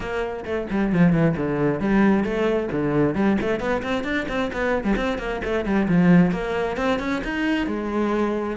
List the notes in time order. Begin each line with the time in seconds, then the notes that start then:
0.00 A#3
0.44 A3
0.70 G3
0.92 F3
1.12 E3
1.36 D3
1.79 G3
2.24 A3
2.71 D3
3.15 G3
3.41 A3
3.59 B3
3.82 C4
4.04 D4
4.28 C4
4.52 B3
4.84 G3
4.96 C4
5.18 A#3
5.44 A3
5.65 G3
5.88 F3
6.31 A#3
6.76 C4
6.99 C#4
7.23 D#4
7.66 G#3